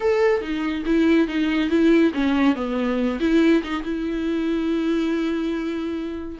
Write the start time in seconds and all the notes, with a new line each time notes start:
0.00 A4
0.41 D#4
0.85 E4
1.27 D#4
1.69 E4
2.14 C#4
2.55 B3
3.20 E4
3.63 D#4
3.83 E4